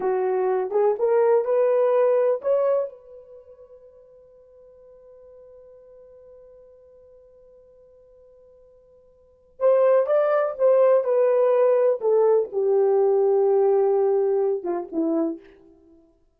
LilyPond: \new Staff \with { instrumentName = "horn" } { \time 4/4 \tempo 4 = 125 fis'4. gis'8 ais'4 b'4~ | b'4 cis''4 b'2~ | b'1~ | b'1~ |
b'1 | c''4 d''4 c''4 b'4~ | b'4 a'4 g'2~ | g'2~ g'8 f'8 e'4 | }